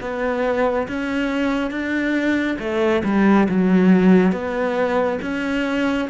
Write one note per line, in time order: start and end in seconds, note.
0.00 0.87 B3
0.88 1.70 C#4
1.70 2.57 D4
2.58 3.02 A3
3.04 3.47 G3
3.49 4.32 F#3
4.32 5.19 B3
5.21 6.08 C#4